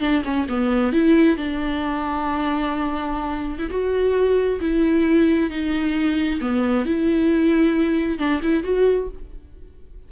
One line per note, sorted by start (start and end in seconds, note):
0.00 0.22 D4
0.24 0.47 C#4
0.48 0.92 B3
0.92 1.37 E4
1.37 3.58 D4
3.58 3.69 E4
3.70 4.59 F#4
4.60 5.50 E4
5.50 6.39 D#4
6.41 6.85 B3
6.85 8.18 E4
8.18 8.41 D4
8.42 8.63 E4
8.63 9.08 F#4